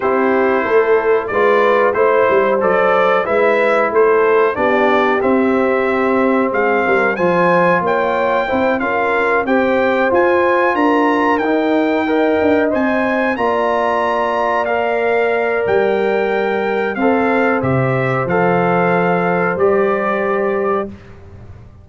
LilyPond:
<<
  \new Staff \with { instrumentName = "trumpet" } { \time 4/4 \tempo 4 = 92 c''2 d''4 c''4 | d''4 e''4 c''4 d''4 | e''2 f''4 gis''4 | g''4. f''4 g''4 gis''8~ |
gis''8 ais''4 g''2 gis''8~ | gis''8 ais''2 f''4. | g''2 f''4 e''4 | f''2 d''2 | }
  \new Staff \with { instrumentName = "horn" } { \time 4/4 g'4 a'4 b'4 c''4~ | c''4 b'4 a'4 g'4~ | g'2 gis'8 ais'8 c''4 | cis''4 c''8 ais'4 c''4.~ |
c''8 ais'2 dis''4.~ | dis''8 d''2.~ d''8~ | d''2 c''2~ | c''1 | }
  \new Staff \with { instrumentName = "trombone" } { \time 4/4 e'2 f'4 e'4 | a'4 e'2 d'4 | c'2. f'4~ | f'4 e'8 f'4 g'4 f'8~ |
f'4. dis'4 ais'4 c''8~ | c''8 f'2 ais'4.~ | ais'2 a'4 g'4 | a'2 g'2 | }
  \new Staff \with { instrumentName = "tuba" } { \time 4/4 c'4 a4 gis4 a8 g8 | fis4 gis4 a4 b4 | c'2 gis8 g8 f4 | ais4 c'8 cis'4 c'4 f'8~ |
f'8 d'4 dis'4. d'8 c'8~ | c'8 ais2.~ ais8 | g2 c'4 c4 | f2 g2 | }
>>